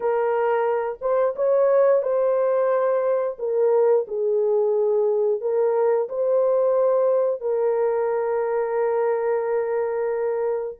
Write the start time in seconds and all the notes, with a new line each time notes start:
0.00 A#4
1.01 C5
1.35 C#5
2.02 C5
3.38 A#4
4.07 G#4
5.40 A#4
6.08 C5
7.41 A#4